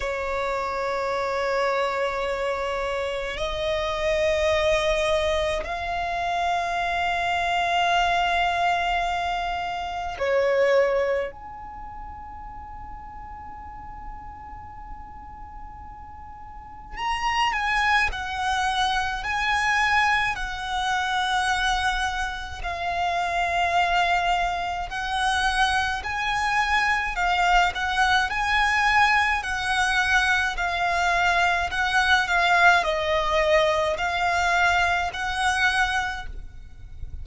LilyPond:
\new Staff \with { instrumentName = "violin" } { \time 4/4 \tempo 4 = 53 cis''2. dis''4~ | dis''4 f''2.~ | f''4 cis''4 gis''2~ | gis''2. ais''8 gis''8 |
fis''4 gis''4 fis''2 | f''2 fis''4 gis''4 | f''8 fis''8 gis''4 fis''4 f''4 | fis''8 f''8 dis''4 f''4 fis''4 | }